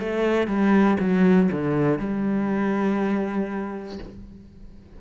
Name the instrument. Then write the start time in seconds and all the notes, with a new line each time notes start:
cello
0.00 A3
0.48 G3
1.00 F#3
1.52 D3
2.00 G3